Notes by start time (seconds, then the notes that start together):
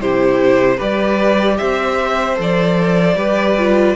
0.00 C3 E4 G4 C5
0.77 G3 G4 B4 D5
1.58 C4 C5 E5
2.36 F3 A4 D5
3.16 G3 G4 B4
3.59 F4